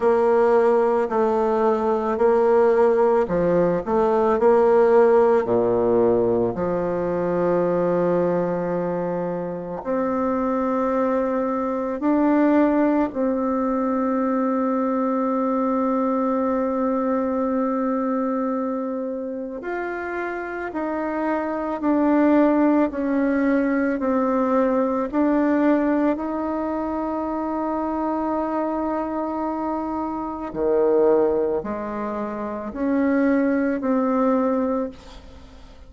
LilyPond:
\new Staff \with { instrumentName = "bassoon" } { \time 4/4 \tempo 4 = 55 ais4 a4 ais4 f8 a8 | ais4 ais,4 f2~ | f4 c'2 d'4 | c'1~ |
c'2 f'4 dis'4 | d'4 cis'4 c'4 d'4 | dis'1 | dis4 gis4 cis'4 c'4 | }